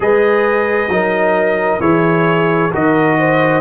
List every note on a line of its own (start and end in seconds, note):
0.00 0.88 G#3
0.00 0.90 G#4
0.00 0.92 B4
0.00 1.80 D#5
0.88 1.79 F#3
0.88 1.80 D#4
0.88 1.80 A#4
1.80 2.71 E3
1.80 2.71 E4
1.80 2.71 G#4
1.80 2.71 C#5
2.72 3.60 D#3
2.72 3.60 F#4
2.72 3.17 A#4
2.72 3.60 D#5
3.19 3.60 C5